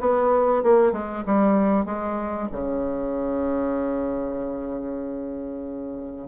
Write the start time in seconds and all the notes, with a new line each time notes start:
0.00 B3
0.63 A#3
0.92 G#3
1.26 G3
1.85 G#3
2.52 C#3